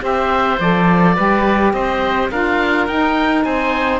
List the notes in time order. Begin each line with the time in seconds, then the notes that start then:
0.00 C4 G4 C5 E5
0.60 F3 A4 D5
1.16 G3 G4 B4
1.73 C4 C5 D#5
2.31 D4 F4 A#4 F5
2.87 D#4 G5
3.44 C4 C5 G#5